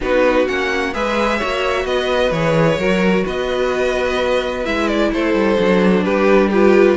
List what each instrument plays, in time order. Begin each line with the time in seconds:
0.00 cello B3, viola D#4, violin F#4 B4
0.47 cello A#3, viola C#4, violin F#5
0.93 cello G#3, viola G#4, violin B4 E5
1.38 cello A#3, viola F#4, violin C#5
1.84 cello B3, violin B4 D#5
2.31 cello E3, viola G#4, violin C#5
2.77 cello F#3, viola F#4, violin A#4
3.24 cello B3, violin B4 D#5
4.64 cello G#3, viola E4, violin E5
4.87 violin D5
5.12 cello A3, violin A4 C5
5.34 cello G3
5.59 cello F#3, viola D4
6.04 cello G3, violin G4 B4
6.49 viola F4, violin G4 B4